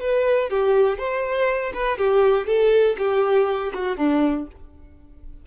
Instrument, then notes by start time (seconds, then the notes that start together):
violin
0.00 B4
0.49 G4
0.98 C5
1.73 B4
1.97 G4
2.46 A4
2.98 G4
3.73 F#4
3.96 D4